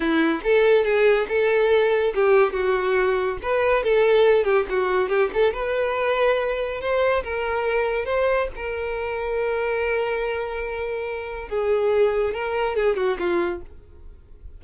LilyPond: \new Staff \with { instrumentName = "violin" } { \time 4/4 \tempo 4 = 141 e'4 a'4 gis'4 a'4~ | a'4 g'4 fis'2 | b'4 a'4. g'8 fis'4 | g'8 a'8 b'2. |
c''4 ais'2 c''4 | ais'1~ | ais'2. gis'4~ | gis'4 ais'4 gis'8 fis'8 f'4 | }